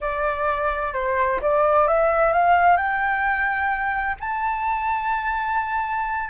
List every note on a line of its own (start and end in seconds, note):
0.00 0.93 D5
0.93 1.40 C5
1.41 1.87 D5
1.87 2.33 E5
2.33 2.76 F5
2.76 4.16 G5
4.20 6.29 A5